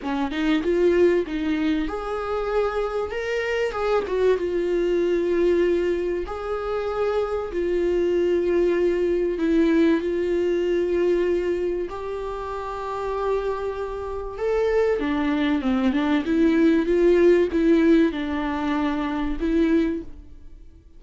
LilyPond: \new Staff \with { instrumentName = "viola" } { \time 4/4 \tempo 4 = 96 cis'8 dis'8 f'4 dis'4 gis'4~ | gis'4 ais'4 gis'8 fis'8 f'4~ | f'2 gis'2 | f'2. e'4 |
f'2. g'4~ | g'2. a'4 | d'4 c'8 d'8 e'4 f'4 | e'4 d'2 e'4 | }